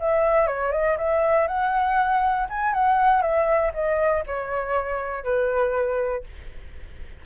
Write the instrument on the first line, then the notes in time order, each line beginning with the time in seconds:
flute
0.00 E5
0.47 C#5
0.72 D#5
0.98 E5
1.48 F#5
2.50 G#5
2.74 F#5
3.22 E5
3.74 D#5
4.27 C#5
5.24 B4